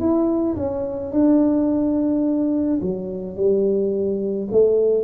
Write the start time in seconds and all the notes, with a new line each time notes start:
0.00 E4
0.57 C#4
1.12 D4
2.82 F#3
3.36 G3
4.52 A3